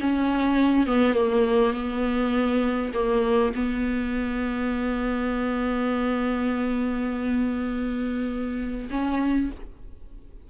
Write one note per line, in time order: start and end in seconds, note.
0.00 0.86 C#4
0.86 1.14 B3
1.14 1.73 A#3
1.73 2.92 B3
2.94 3.53 A#3
3.55 8.89 B3
8.90 9.50 C#4